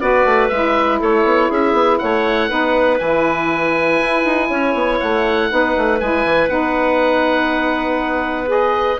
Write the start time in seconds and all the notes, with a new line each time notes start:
0.00 B3 F#4 B4 D5
0.25 A3
0.48 G#3 E4 E5
0.99 A3 A4 C#5
1.24 B3
1.49 C#4 G#4 E5
1.72 B3
1.98 A3 C#5 F#5
2.49 B3 D#4 B4
2.99 E3 E4 G#5
4.01 E4
4.25 D#4
4.49 C#4 C#5
4.74 B3
4.99 A3 F#5
5.49 B3 D#4 B4
5.76 A3
6.00 G#3 E4 G#5
6.25 E3
6.48 B3 D#4 F#5
8.47 G#4 D#5